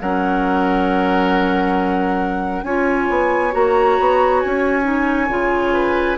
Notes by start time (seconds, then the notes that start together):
0.00 F#3 C#4 A#4 F#5
2.63 C#4 F4 C#5 G#5
3.09 B3
3.51 A#3 F#4 A#5
3.99 B3
4.40 C#4 G#5
4.82 D#4
5.29 C#3 F4
5.73 B4